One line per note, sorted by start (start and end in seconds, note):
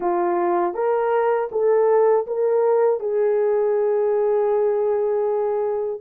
0.00 0.74 F4
0.74 1.49 A#4
1.51 2.26 A4
2.26 3.00 A#4
3.00 6.00 G#4